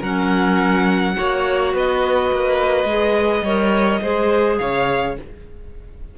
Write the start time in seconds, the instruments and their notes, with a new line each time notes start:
0.00 cello F#3, clarinet C#4, violin A#4 F#5
1.14 cello A#3, clarinet F#4, violin C#5
1.74 cello B3, violin B4 D#5
2.31 cello A#3
2.84 cello G#3, clarinet G#4
3.42 cello G3, clarinet A#4, violin C#5
4.01 cello G#3, clarinet G#4, violin C5
4.58 cello C#3, violin C#5 F5